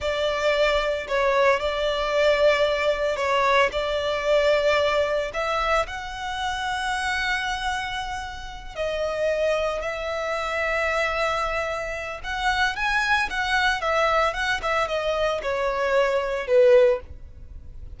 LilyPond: \new Staff \with { instrumentName = "violin" } { \time 4/4 \tempo 4 = 113 d''2 cis''4 d''4~ | d''2 cis''4 d''4~ | d''2 e''4 fis''4~ | fis''1~ |
fis''8 dis''2 e''4.~ | e''2. fis''4 | gis''4 fis''4 e''4 fis''8 e''8 | dis''4 cis''2 b'4 | }